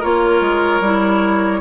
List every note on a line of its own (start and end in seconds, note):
0.00 0.41 A#3
0.00 0.83 F4
0.00 1.61 A#4
0.00 1.61 C#5
0.41 0.80 G#3
0.80 1.61 G3
0.80 1.61 E4